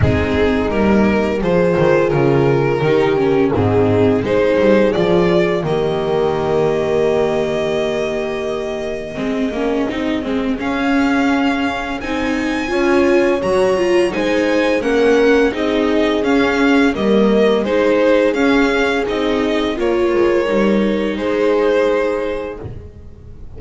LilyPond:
<<
  \new Staff \with { instrumentName = "violin" } { \time 4/4 \tempo 4 = 85 gis'4 ais'4 c''4 ais'4~ | ais'4 gis'4 c''4 d''4 | dis''1~ | dis''2. f''4~ |
f''4 gis''2 ais''4 | gis''4 fis''4 dis''4 f''4 | dis''4 c''4 f''4 dis''4 | cis''2 c''2 | }
  \new Staff \with { instrumentName = "horn" } { \time 4/4 dis'2 gis'2 | g'4 dis'4 gis'2 | g'1~ | g'4 gis'2.~ |
gis'2 cis''2 | c''4 ais'4 gis'2 | ais'4 gis'2. | ais'2 gis'2 | }
  \new Staff \with { instrumentName = "viola" } { \time 4/4 c'4 ais4 f'2 | dis'8 cis'8 c'4 dis'4 f'4 | ais1~ | ais4 c'8 cis'8 dis'8 c'8 cis'4~ |
cis'4 dis'4 f'4 fis'8 f'8 | dis'4 cis'4 dis'4 cis'4 | ais4 dis'4 cis'4 dis'4 | f'4 dis'2. | }
  \new Staff \with { instrumentName = "double bass" } { \time 4/4 gis4 g4 f8 dis8 cis4 | dis4 gis,4 gis8 g8 f4 | dis1~ | dis4 gis8 ais8 c'8 gis8 cis'4~ |
cis'4 c'4 cis'4 fis4 | gis4 ais4 c'4 cis'4 | g4 gis4 cis'4 c'4 | ais8 gis8 g4 gis2 | }
>>